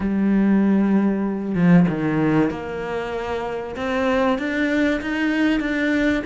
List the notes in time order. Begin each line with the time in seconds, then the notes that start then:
0.00 G3
1.54 F3
1.89 D#3
2.50 A#3
3.76 C4
4.38 D4
5.01 D#4
5.60 D4